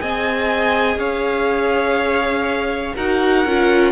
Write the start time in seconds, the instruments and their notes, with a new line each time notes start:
0.00 cello C4, viola G#4, violin D#5 G#5
0.97 cello C#4, violin C#5 F5
2.96 cello D#4, viola F#4, violin A#4 F#5
3.46 cello C#4, viola F4